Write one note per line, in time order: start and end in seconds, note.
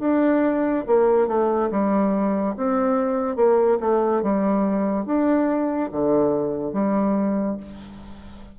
0.00 0.85 D4
0.87 1.28 A#3
1.28 1.70 A3
1.71 2.55 G3
2.57 3.36 C4
3.36 3.78 A#3
3.80 4.23 A3
4.23 5.06 G3
5.06 5.90 D4
5.92 6.73 D3
6.73 7.57 G3